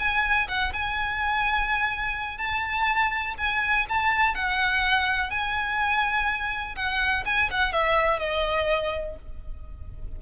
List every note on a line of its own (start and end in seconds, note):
0.00 0.48 G#5
0.49 0.73 F#5
0.73 2.38 G#5
2.38 3.35 A5
3.38 3.87 G#5
3.90 4.35 A5
4.35 5.31 F#5
5.31 6.76 G#5
6.76 7.25 F#5
7.26 7.50 G#5
7.51 7.73 F#5
7.73 8.19 E5
8.19 9.16 D#5